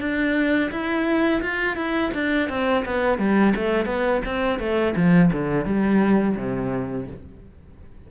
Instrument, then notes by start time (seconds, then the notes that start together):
cello
0.00 D4
0.71 E4
1.42 F4
1.76 E4
2.14 D4
2.49 C4
2.85 B3
3.18 G3
3.56 A3
3.86 B3
4.25 C4
4.59 A3
4.96 F3
5.32 D3
5.65 G3
6.37 C3